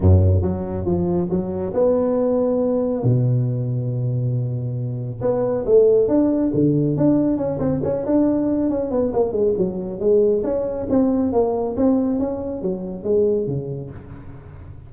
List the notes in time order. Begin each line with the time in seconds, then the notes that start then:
0.00 F#2
0.42 F#3
0.85 F3
1.29 F#3
1.73 B3
3.03 B2
5.21 B3
5.65 A3
6.08 D4
6.53 D3
6.96 D4
7.37 C#4
7.59 C4
7.83 C#4
8.05 D4
8.69 C#4
8.90 B3
9.13 A#3
9.31 G#3
9.57 F#3
9.99 G#3
10.43 C#4
10.89 C4
11.32 A#3
11.76 C4
12.19 C#4
12.61 F#3
13.03 G#3
13.46 C#3